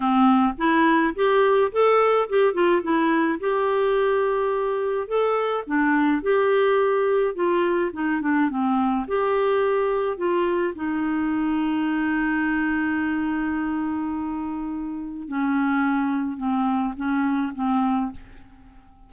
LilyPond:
\new Staff \with { instrumentName = "clarinet" } { \time 4/4 \tempo 4 = 106 c'4 e'4 g'4 a'4 | g'8 f'8 e'4 g'2~ | g'4 a'4 d'4 g'4~ | g'4 f'4 dis'8 d'8 c'4 |
g'2 f'4 dis'4~ | dis'1~ | dis'2. cis'4~ | cis'4 c'4 cis'4 c'4 | }